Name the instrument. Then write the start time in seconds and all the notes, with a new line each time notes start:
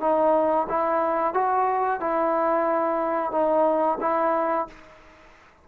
trombone
0.00 D#4
0.68 E4
1.33 F#4
2.00 E4
3.31 D#4
4.00 E4